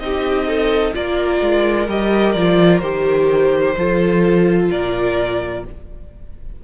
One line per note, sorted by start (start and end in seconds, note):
0.00 0.94 C4
0.00 0.94 D#4
0.00 0.48 G4
0.00 0.94 D#5
0.48 0.95 A4
0.94 1.41 A#3
0.94 1.88 F4
0.94 3.77 A#4
0.94 1.89 D5
1.41 1.88 G#3
1.88 2.35 G3
1.88 2.36 G4
1.88 2.33 D#5
2.33 2.82 F3
2.33 2.82 F4
2.33 2.79 D5
2.79 3.76 D#3
2.79 3.76 G4
2.79 4.67 C5
3.77 4.71 F3
3.77 5.64 F4
3.77 4.71 A4
4.71 5.64 A#2
4.71 5.65 A#4
4.71 5.65 D5